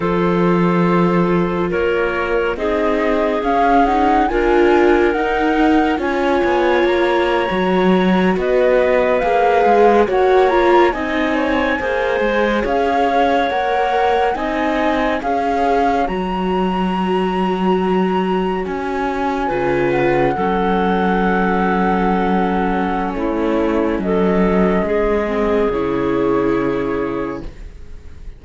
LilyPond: <<
  \new Staff \with { instrumentName = "flute" } { \time 4/4 \tempo 4 = 70 c''2 cis''4 dis''4 | f''8 fis''8 gis''4 fis''4 gis''4 | ais''4.~ ais''16 dis''4 f''4 fis''16~ | fis''16 ais''8 gis''2 f''4 fis''16~ |
fis''8. gis''4 f''4 ais''4~ ais''16~ | ais''4.~ ais''16 gis''4. fis''8.~ | fis''2. cis''4 | dis''2 cis''2 | }
  \new Staff \with { instrumentName = "clarinet" } { \time 4/4 a'2 ais'4 gis'4~ | gis'4 ais'2 cis''4~ | cis''4.~ cis''16 b'2 cis''16~ | cis''8. dis''8 cis''8 c''4 cis''4~ cis''16~ |
cis''8. dis''4 cis''2~ cis''16~ | cis''2~ cis''8. b'4 a'16~ | a'2. e'4 | a'4 gis'2. | }
  \new Staff \with { instrumentName = "viola" } { \time 4/4 f'2. dis'4 | cis'8 dis'8 f'4 dis'4 f'4~ | f'8. fis'2 gis'4 fis'16~ | fis'16 f'8 dis'4 gis'2 ais'16~ |
ais'8. dis'4 gis'4 fis'4~ fis'16~ | fis'2~ fis'8. f'4 cis'16~ | cis'1~ | cis'4. c'8 e'2 | }
  \new Staff \with { instrumentName = "cello" } { \time 4/4 f2 ais4 c'4 | cis'4 d'4 dis'4 cis'8 b8 | ais8. fis4 b4 ais8 gis8 ais16~ | ais8. c'4 ais8 gis8 cis'4 ais16~ |
ais8. c'4 cis'4 fis4~ fis16~ | fis4.~ fis16 cis'4 cis4 fis16~ | fis2. a4 | fis4 gis4 cis2 | }
>>